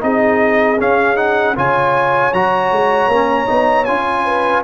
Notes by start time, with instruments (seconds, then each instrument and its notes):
0.00 tuba C4, trombone D#4, horn G#4, trumpet D#5
0.79 trombone C#4, tuba C#4, trumpet F5
1.16 trombone D#4, trumpet F#5
1.56 tuba C#3, trombone F4, horn C#5, trumpet G#5
2.33 tuba F#3, trombone F#4, trumpet A#5
2.71 tuba G#3
3.07 tuba A#3, trombone C#4
3.46 tuba B3, trombone D#4
3.85 tuba C#4, trombone F4, trumpet G#5
4.25 horn B4